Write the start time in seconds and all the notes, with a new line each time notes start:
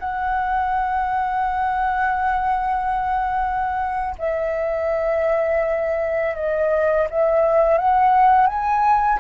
0.00 F#5
4.19 E5
6.36 D#5
7.10 E5
7.78 F#5
8.47 G#5